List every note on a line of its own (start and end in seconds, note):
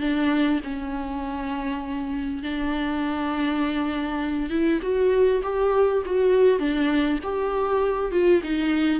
0.00 0.60 D4
0.64 2.42 C#4
2.42 4.50 D4
4.50 4.80 E4
4.82 5.42 F#4
5.42 6.02 G4
6.05 6.59 F#4
6.59 7.19 D4
7.23 8.11 G4
8.11 8.41 F4
8.43 9.00 D#4